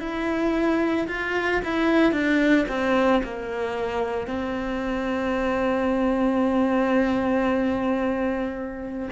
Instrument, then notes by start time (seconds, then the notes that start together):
cello
0.00 E4
1.07 F4
1.64 E4
2.12 D4
2.68 C4
3.23 A#3
4.27 C4